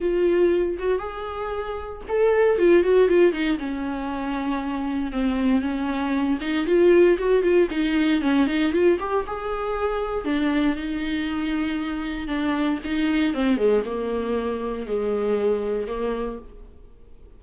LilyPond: \new Staff \with { instrumentName = "viola" } { \time 4/4 \tempo 4 = 117 f'4. fis'8 gis'2 | a'4 f'8 fis'8 f'8 dis'8 cis'4~ | cis'2 c'4 cis'4~ | cis'8 dis'8 f'4 fis'8 f'8 dis'4 |
cis'8 dis'8 f'8 g'8 gis'2 | d'4 dis'2. | d'4 dis'4 c'8 gis8 ais4~ | ais4 gis2 ais4 | }